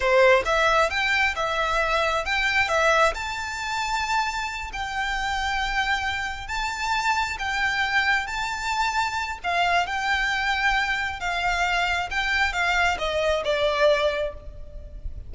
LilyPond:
\new Staff \with { instrumentName = "violin" } { \time 4/4 \tempo 4 = 134 c''4 e''4 g''4 e''4~ | e''4 g''4 e''4 a''4~ | a''2~ a''8 g''4.~ | g''2~ g''8 a''4.~ |
a''8 g''2 a''4.~ | a''4 f''4 g''2~ | g''4 f''2 g''4 | f''4 dis''4 d''2 | }